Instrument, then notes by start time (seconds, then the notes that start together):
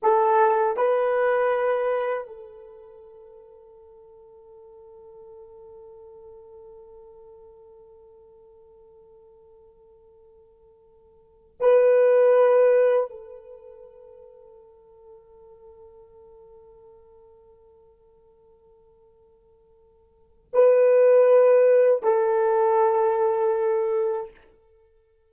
horn
0.02 A4
0.77 B4
2.27 A4
11.60 B4
13.10 A4
20.53 B4
22.03 A4